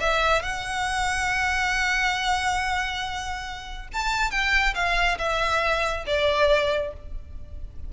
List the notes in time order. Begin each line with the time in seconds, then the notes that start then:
0.00 E5
0.42 F#5
3.93 A5
4.31 G5
4.75 F5
5.19 E5
6.07 D5